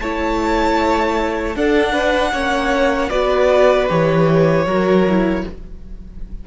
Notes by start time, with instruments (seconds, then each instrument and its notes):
0.00 cello A3, viola E4, violin C#5 A5
1.56 cello D4, viola D4, violin A4 F#5
1.92 violin B4
2.32 cello A#3, viola C#4, violin C#5
3.09 cello B3, viola F#4, violin B4 D5
3.88 cello E3, viola G4, violin C#5
4.66 cello F#3, viola F#4, violin A#4
5.08 viola E4